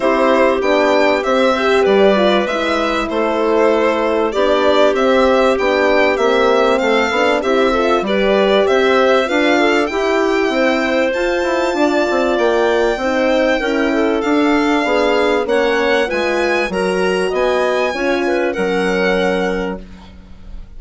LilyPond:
<<
  \new Staff \with { instrumentName = "violin" } { \time 4/4 \tempo 4 = 97 c''4 g''4 e''4 d''4 | e''4 c''2 d''4 | e''4 g''4 e''4 f''4 | e''4 d''4 e''4 f''4 |
g''2 a''2 | g''2. f''4~ | f''4 fis''4 gis''4 ais''4 | gis''2 fis''2 | }
  \new Staff \with { instrumentName = "clarinet" } { \time 4/4 g'2~ g'8 c''8 b'4~ | b'4 a'2 g'4~ | g'2. a'4 | g'8 a'8 b'4 c''4 b'8 a'8 |
g'4 c''2 d''4~ | d''4 c''4 ais'8 a'4. | gis'4 cis''4 b'4 ais'4 | dis''4 cis''8 b'8 ais'2 | }
  \new Staff \with { instrumentName = "horn" } { \time 4/4 e'4 d'4 c'8 g'4 f'8 | e'2. d'4 | c'4 d'4 c'4. d'8 | e'8 f'8 g'2 f'4 |
e'2 f'2~ | f'4 dis'4 e'4 d'4~ | d'4 cis'4 f'4 fis'4~ | fis'4 f'4 cis'2 | }
  \new Staff \with { instrumentName = "bassoon" } { \time 4/4 c'4 b4 c'4 g4 | gis4 a2 b4 | c'4 b4 ais4 a8 b8 | c'4 g4 c'4 d'4 |
e'4 c'4 f'8 e'8 d'8 c'8 | ais4 c'4 cis'4 d'4 | b4 ais4 gis4 fis4 | b4 cis'4 fis2 | }
>>